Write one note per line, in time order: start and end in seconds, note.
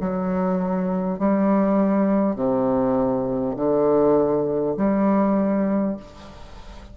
0.00 1.19 F#3
1.19 2.36 G3
2.36 3.56 C3
3.56 4.76 D3
4.77 5.97 G3